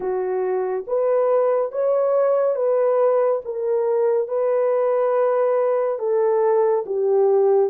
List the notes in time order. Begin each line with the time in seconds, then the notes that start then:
0.00 F#4
0.87 B4
1.72 C#5
2.55 B4
3.44 A#4
4.28 B4
5.98 A4
6.86 G4